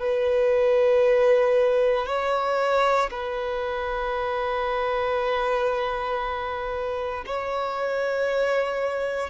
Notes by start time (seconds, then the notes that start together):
0.00 B4
2.06 C#5
3.11 B4
7.26 C#5